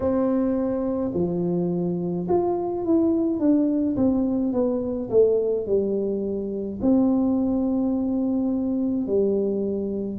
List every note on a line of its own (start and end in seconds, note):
0.00 1.11 C4
1.14 2.27 F3
2.28 2.85 F4
2.85 3.39 E4
3.39 3.96 D4
3.96 4.53 C4
4.53 5.09 B3
5.09 5.66 A3
5.66 6.79 G3
6.81 9.06 C4
9.06 10.19 G3